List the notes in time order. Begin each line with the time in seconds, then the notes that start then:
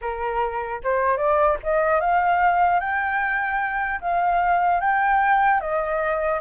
0.01 A#4
0.83 C5
1.17 D5
1.63 D#5
2.00 F5
2.80 G5
4.00 F5
4.80 G5
5.60 D#5